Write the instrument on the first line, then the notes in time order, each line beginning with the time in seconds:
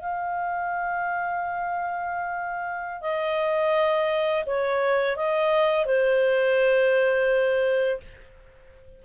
clarinet
0.00 F5
3.02 D#5
4.46 C#5
5.17 D#5
5.86 C5